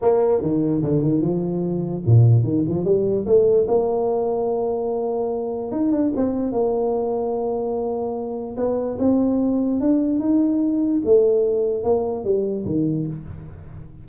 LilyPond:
\new Staff \with { instrumentName = "tuba" } { \time 4/4 \tempo 4 = 147 ais4 dis4 d8 dis8 f4~ | f4 ais,4 dis8 f8 g4 | a4 ais2.~ | ais2 dis'8 d'8 c'4 |
ais1~ | ais4 b4 c'2 | d'4 dis'2 a4~ | a4 ais4 g4 dis4 | }